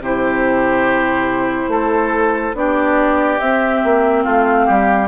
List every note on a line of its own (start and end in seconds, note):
0.00 1.67 C3
0.00 2.54 E4
0.00 1.70 G4
0.00 2.56 C5
1.67 2.52 A3
1.67 2.55 A4
2.54 3.39 B3
2.54 3.39 D4
2.54 4.24 G4
2.54 3.39 D5
3.39 3.82 C4
3.39 5.08 C4
3.39 4.23 E5
3.84 4.26 A#3
4.24 4.68 A3
4.24 4.66 F4
4.24 5.08 F5
4.66 5.08 G3
4.66 5.08 G4